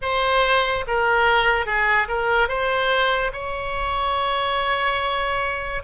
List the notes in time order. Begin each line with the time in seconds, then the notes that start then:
0.02 C5
0.87 A#4
1.66 G#4
2.08 A#4
2.48 C5
3.33 C#5